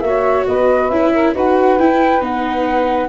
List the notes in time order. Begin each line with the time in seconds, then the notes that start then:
0.00 A#3 F#4 C#5 E5
0.46 B3 B4 D#5
0.89 C#4 E4 E5
1.13 A#4
1.33 D#4 F#4 B4 F#5
1.79 E4 G5
2.20 B3 D#4 F#5